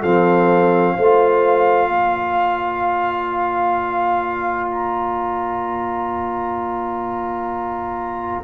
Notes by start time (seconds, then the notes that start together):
0.00 F3 C4 A4 F5
0.96 A3 F4 C5
1.89 A#3 D5
4.71 A#5